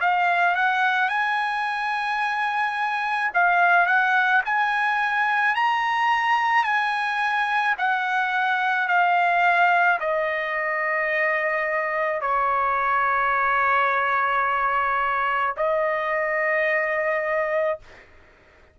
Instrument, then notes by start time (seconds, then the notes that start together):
trumpet
0.00 F5
0.55 F#5
1.09 G#5
3.34 F5
3.86 F#5
4.45 G#5
5.55 A#5
6.64 G#5
7.78 F#5
8.88 F5
10.00 D#5
12.21 C#5
15.57 D#5